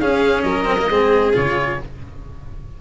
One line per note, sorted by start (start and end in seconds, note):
0.00 0.43 C#4
0.00 0.65 C#4
0.00 0.45 G#4
0.00 0.42 F5
0.42 0.88 F#3
0.42 0.90 A#4
0.42 1.32 D#5
0.65 0.77 C4
0.79 0.90 A#3
0.90 1.35 G#3
0.90 1.33 C4
0.90 1.80 G#4
1.33 1.81 C#3
1.33 1.78 F4
1.33 1.81 C#5